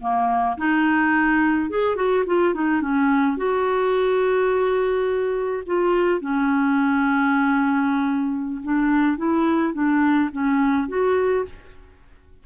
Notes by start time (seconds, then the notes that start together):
0.00 A#3
0.57 D#4
1.70 G#4
1.96 F#4
2.26 F4
2.54 D#4
2.81 C#4
3.37 F#4
5.66 F4
6.21 C#4
8.63 D4
9.17 E4
9.73 D4
10.32 C#4
10.88 F#4